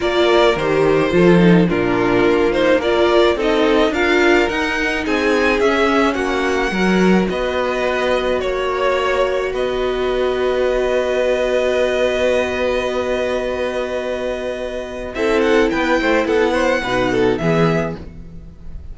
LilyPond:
<<
  \new Staff \with { instrumentName = "violin" } { \time 4/4 \tempo 4 = 107 d''4 c''2 ais'4~ | ais'8 c''8 d''4 dis''4 f''4 | fis''4 gis''4 e''4 fis''4~ | fis''4 dis''2 cis''4~ |
cis''4 dis''2.~ | dis''1~ | dis''2. e''8 fis''8 | g''4 fis''2 e''4 | }
  \new Staff \with { instrumentName = "violin" } { \time 4/4 ais'2 a'4 f'4~ | f'4 ais'4 a'4 ais'4~ | ais'4 gis'2 fis'4 | ais'4 b'2 cis''4~ |
cis''4 b'2.~ | b'1~ | b'2. a'4 | b'8 c''8 a'8 c''8 b'8 a'8 gis'4 | }
  \new Staff \with { instrumentName = "viola" } { \time 4/4 f'4 g'4 f'8 dis'8 d'4~ | d'8 dis'8 f'4 dis'4 f'4 | dis'2 cis'2 | fis'1~ |
fis'1~ | fis'1~ | fis'2. e'4~ | e'2 dis'4 b4 | }
  \new Staff \with { instrumentName = "cello" } { \time 4/4 ais4 dis4 f4 ais,4 | ais2 c'4 d'4 | dis'4 c'4 cis'4 ais4 | fis4 b2 ais4~ |
ais4 b2.~ | b1~ | b2. c'4 | b8 a8 b4 b,4 e4 | }
>>